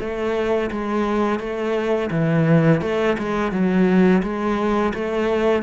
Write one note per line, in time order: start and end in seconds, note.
0.00 0.71 A3
0.71 1.40 G#3
1.40 2.10 A3
2.11 2.81 E3
2.82 3.17 A3
3.19 3.52 G#3
3.52 4.23 F#3
4.23 4.93 G#3
4.94 5.63 A3